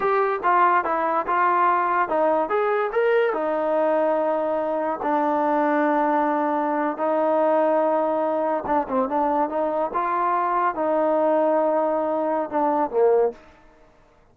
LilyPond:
\new Staff \with { instrumentName = "trombone" } { \time 4/4 \tempo 4 = 144 g'4 f'4 e'4 f'4~ | f'4 dis'4 gis'4 ais'4 | dis'1 | d'1~ |
d'8. dis'2.~ dis'16~ | dis'8. d'8 c'8 d'4 dis'4 f'16~ | f'4.~ f'16 dis'2~ dis'16~ | dis'2 d'4 ais4 | }